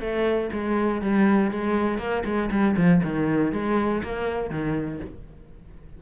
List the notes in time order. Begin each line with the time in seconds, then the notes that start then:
0.00 A3
0.53 G#3
1.02 G3
1.52 G#3
1.99 A#3
2.25 G#3
2.51 G3
2.77 F3
3.04 D#3
3.52 G#3
4.03 A#3
4.51 D#3